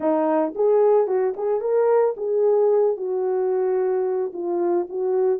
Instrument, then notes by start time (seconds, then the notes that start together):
horn
0.00 D#4
0.55 G#4
1.07 F#4
1.37 G#4
1.60 A#4
2.16 G#4
2.96 F#4
4.33 F4
4.89 F#4